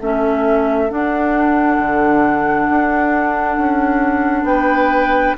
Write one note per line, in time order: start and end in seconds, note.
0.00 0.90 A3
0.00 0.89 C#4
0.00 4.47 A4
0.00 0.90 E5
0.89 5.36 D4
0.89 1.79 D4
0.89 4.46 F#5
1.79 2.68 D3
2.70 3.58 D4
3.58 4.43 C#4
4.43 5.33 B3
4.43 5.37 B4
4.43 5.35 G5